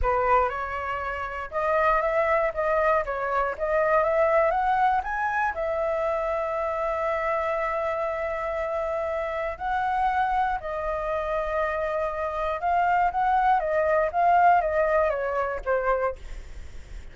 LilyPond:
\new Staff \with { instrumentName = "flute" } { \time 4/4 \tempo 4 = 119 b'4 cis''2 dis''4 | e''4 dis''4 cis''4 dis''4 | e''4 fis''4 gis''4 e''4~ | e''1~ |
e''2. fis''4~ | fis''4 dis''2.~ | dis''4 f''4 fis''4 dis''4 | f''4 dis''4 cis''4 c''4 | }